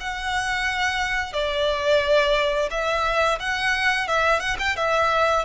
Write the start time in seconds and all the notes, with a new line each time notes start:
0.00 F#5
1.33 D5
2.71 E5
3.39 F#5
4.08 E5
4.39 F#5
4.59 G5
4.76 E5